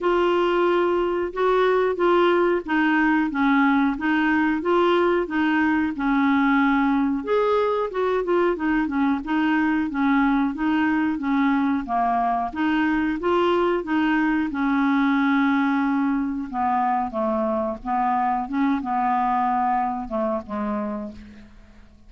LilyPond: \new Staff \with { instrumentName = "clarinet" } { \time 4/4 \tempo 4 = 91 f'2 fis'4 f'4 | dis'4 cis'4 dis'4 f'4 | dis'4 cis'2 gis'4 | fis'8 f'8 dis'8 cis'8 dis'4 cis'4 |
dis'4 cis'4 ais4 dis'4 | f'4 dis'4 cis'2~ | cis'4 b4 a4 b4 | cis'8 b2 a8 gis4 | }